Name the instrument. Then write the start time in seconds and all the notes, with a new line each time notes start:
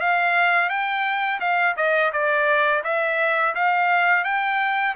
trumpet
0.00 F5
0.69 G5
1.40 F5
1.76 D#5
2.12 D5
2.84 E5
3.55 F5
4.24 G5